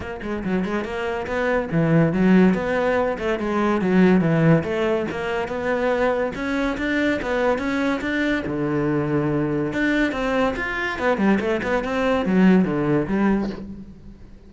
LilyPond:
\new Staff \with { instrumentName = "cello" } { \time 4/4 \tempo 4 = 142 ais8 gis8 fis8 gis8 ais4 b4 | e4 fis4 b4. a8 | gis4 fis4 e4 a4 | ais4 b2 cis'4 |
d'4 b4 cis'4 d'4 | d2. d'4 | c'4 f'4 b8 g8 a8 b8 | c'4 fis4 d4 g4 | }